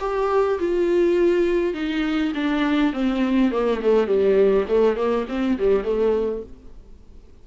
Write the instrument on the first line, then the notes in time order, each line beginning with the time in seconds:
viola
0.00 G4
0.59 F4
1.74 D#4
2.35 D4
2.93 C4
3.52 A#3
3.82 A3
4.07 G3
4.68 A3
4.97 A#3
5.29 C4
5.59 G3
5.84 A3